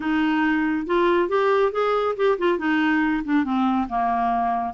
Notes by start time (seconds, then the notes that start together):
0.00 D#4
0.86 F4
1.28 G4
1.72 G#4
2.16 G4
2.38 F4
2.58 D#4
3.24 D4
3.44 C4
3.88 A#3